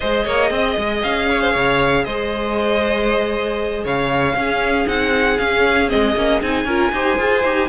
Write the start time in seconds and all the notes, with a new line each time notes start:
0.00 G#3 G#4 C5 D#5
0.24 A#3 C#5
0.50 C4 D#5
0.77 G#3
1.03 C#4 F5
1.29 C#5
1.41 C5
1.51 C#3 C#5
2.04 G#3 C5 D#5
3.84 C#3 C#5 F5
4.34 C#4 G#4
4.86 C4 D#4 F#5
5.38 C#4 F5
5.88 G#3 C4 D#5
6.15 A#3 C#4
6.42 C4 D#4 G#5
6.64 C#4 F4 A#4
6.92 D#4 G4 C5
7.18 F4 G#4
7.43 D#4 G4